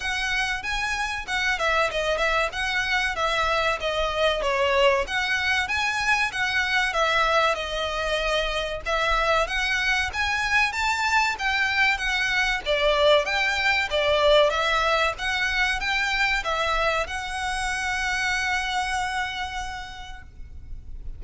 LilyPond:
\new Staff \with { instrumentName = "violin" } { \time 4/4 \tempo 4 = 95 fis''4 gis''4 fis''8 e''8 dis''8 e''8 | fis''4 e''4 dis''4 cis''4 | fis''4 gis''4 fis''4 e''4 | dis''2 e''4 fis''4 |
gis''4 a''4 g''4 fis''4 | d''4 g''4 d''4 e''4 | fis''4 g''4 e''4 fis''4~ | fis''1 | }